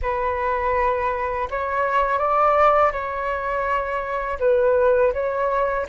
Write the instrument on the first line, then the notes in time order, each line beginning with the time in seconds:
flute
0.02 B4
1.50 C#5
2.18 D5
2.92 C#5
4.39 B4
5.13 C#5